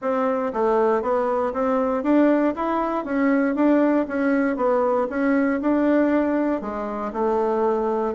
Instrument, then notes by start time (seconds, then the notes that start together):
bassoon
0.01 C4
0.53 A3
1.02 B3
1.53 C4
2.03 D4
2.55 E4
3.04 C#4
3.55 D4
4.07 C#4
4.56 B3
5.09 C#4
5.61 D4
6.61 G#3
7.12 A3